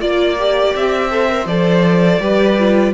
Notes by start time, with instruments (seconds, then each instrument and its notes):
0.00 cello A#3, viola F4, violin D5
0.38 viola G4
0.75 cello C4, violin E5
1.10 viola A4, violin C5
1.29 viola A#4
1.45 cello F3, viola A4, violin D5
2.20 cello G3, viola G4, violin B4
2.58 viola F4